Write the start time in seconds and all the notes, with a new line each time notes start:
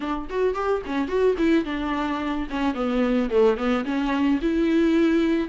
0.00 D4
0.29 F#4
0.54 G4
0.86 C#4
1.08 F#4
1.38 E4
1.64 D4
2.49 C#4
2.74 B3
3.30 A3
3.57 B3
3.85 C#4
4.41 E4